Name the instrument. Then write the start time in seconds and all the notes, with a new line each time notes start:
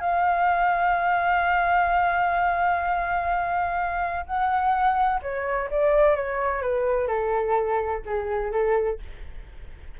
flute
0.00 F5
4.26 F#5
5.22 C#5
5.71 D5
6.15 C#5
6.62 B4
7.07 A4
8.05 G#4
8.52 A4